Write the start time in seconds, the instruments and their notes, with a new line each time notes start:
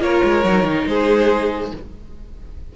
0.00 cello A#3, viola F4, violin A#4 C#5
0.24 cello G#3
0.44 cello F#3, viola D#4
0.64 cello D#3
0.87 cello G#3, violin G#4 C5